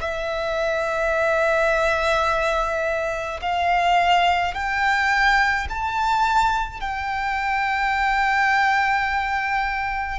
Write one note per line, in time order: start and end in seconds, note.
0.00 3.40 E5
3.41 4.54 F5
4.54 5.67 G5
5.69 6.80 A5
6.80 10.19 G5